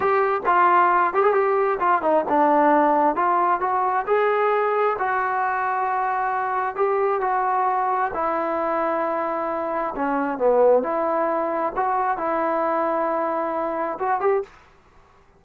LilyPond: \new Staff \with { instrumentName = "trombone" } { \time 4/4 \tempo 4 = 133 g'4 f'4. g'16 gis'16 g'4 | f'8 dis'8 d'2 f'4 | fis'4 gis'2 fis'4~ | fis'2. g'4 |
fis'2 e'2~ | e'2 cis'4 b4 | e'2 fis'4 e'4~ | e'2. fis'8 g'8 | }